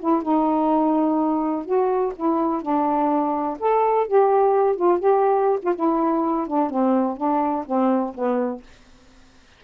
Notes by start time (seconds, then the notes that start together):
0.00 E4
0.23 D#4
1.66 F#4
2.16 E4
2.62 D4
3.60 A4
4.08 G4
4.76 F4
5.00 G4
5.63 F4
5.76 E4
6.48 D4
6.71 C4
7.17 D4
7.66 C4
8.15 B3